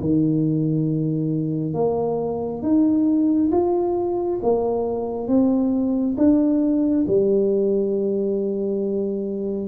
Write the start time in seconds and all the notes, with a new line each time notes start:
0.00 D#3
1.74 A#3
2.62 D#4
3.51 F4
4.42 A#3
5.27 C4
6.17 D4
7.07 G3